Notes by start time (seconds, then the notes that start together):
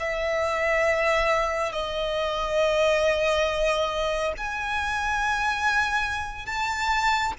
0.00 E5
1.72 D#5
4.37 G#5
6.46 A5